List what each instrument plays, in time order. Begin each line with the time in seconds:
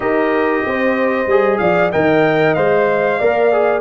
0.00 tuba D#4, trombone G4, horn A#4, trumpet D#5
0.65 tuba C4, horn C5
1.26 tuba G3, trombone G#4
1.58 tuba F3, horn D5, trumpet F5
1.92 tuba D#3, trombone A#4, horn D#5, trumpet G5
2.54 tuba G#3, trombone C5, trumpet F5
3.18 tuba A#3, trombone A#4, horn D5
3.52 trombone G#4